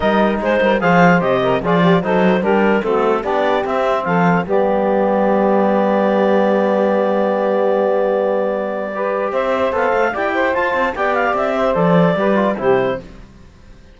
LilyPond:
<<
  \new Staff \with { instrumentName = "clarinet" } { \time 4/4 \tempo 4 = 148 dis''4 c''4 f''4 dis''4 | d''4 c''4 ais'4 a'4 | d''4 e''4 f''4 d''4~ | d''1~ |
d''1~ | d''2. e''4 | f''4 g''4 a''4 g''8 f''8 | e''4 d''2 c''4 | }
  \new Staff \with { instrumentName = "saxophone" } { \time 4/4 ais'4 gis'8 ais'8 c''4. ais'8 | gis'8 g'8 a'4 g'4 fis'4 | g'2 a'4 g'4~ | g'1~ |
g'1~ | g'2 b'4 c''4~ | c''4 d''8 c''4. d''4~ | d''8 c''4. b'4 g'4 | }
  \new Staff \with { instrumentName = "trombone" } { \time 4/4 dis'2 gis'4 g'4 | f'4 dis'4 d'4 c'4 | d'4 c'2 b4~ | b1~ |
b1~ | b2 g'2 | a'4 g'4 f'4 g'4~ | g'4 a'4 g'8 f'8 e'4 | }
  \new Staff \with { instrumentName = "cello" } { \time 4/4 g4 gis8 g8 f4 c4 | f4 fis4 g4 a4 | b4 c'4 f4 g4~ | g1~ |
g1~ | g2. c'4 | b8 a8 e'4 f'8 c'8 b4 | c'4 f4 g4 c4 | }
>>